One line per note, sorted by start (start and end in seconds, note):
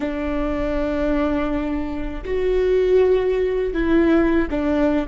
0.00 2.24 D4
2.24 3.73 F#4
3.73 4.48 E4
4.50 5.06 D4